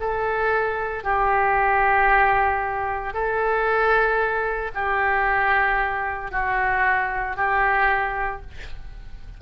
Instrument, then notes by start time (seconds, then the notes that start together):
oboe
0.00 A4
1.04 G4
3.14 A4
4.75 G4
6.32 F#4
7.36 G4